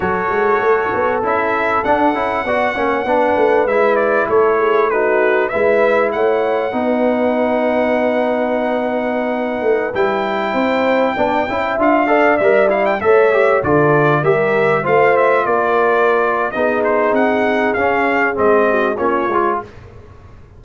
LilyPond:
<<
  \new Staff \with { instrumentName = "trumpet" } { \time 4/4 \tempo 4 = 98 cis''2 e''4 fis''4~ | fis''2 e''8 d''8 cis''4 | b'4 e''4 fis''2~ | fis''1~ |
fis''16 g''2. f''8.~ | f''16 e''8 f''16 g''16 e''4 d''4 e''8.~ | e''16 f''8 e''8 d''4.~ d''16 dis''8 c''8 | fis''4 f''4 dis''4 cis''4 | }
  \new Staff \with { instrumentName = "horn" } { \time 4/4 a'1 | d''8 cis''8 b'2 a'8 gis'8 | fis'4 b'4 cis''4 b'4~ | b'1~ |
b'4~ b'16 c''4 d''8 e''4 d''16~ | d''4~ d''16 cis''4 a'4 ais'8.~ | ais'16 c''4 ais'4.~ ais'16 gis'4~ | gis'2~ gis'8 fis'8 f'4 | }
  \new Staff \with { instrumentName = "trombone" } { \time 4/4 fis'2 e'4 d'8 e'8 | fis'8 cis'8 d'4 e'2 | dis'4 e'2 dis'4~ | dis'1~ |
dis'16 e'2 d'8 e'8 f'8 a'16~ | a'16 ais'8 e'8 a'8 g'8 f'4 g'8.~ | g'16 f'2~ f'8. dis'4~ | dis'4 cis'4 c'4 cis'8 f'8 | }
  \new Staff \with { instrumentName = "tuba" } { \time 4/4 fis8 gis8 a8 b8 cis'4 d'8 cis'8 | b8 ais8 b8 a8 gis4 a4~ | a4 gis4 a4 b4~ | b2.~ b8. a16~ |
a16 g4 c'4 b8 cis'8 d'8.~ | d'16 g4 a4 d4 g8.~ | g16 a4 ais4.~ ais16 b4 | c'4 cis'4 gis4 ais8 gis8 | }
>>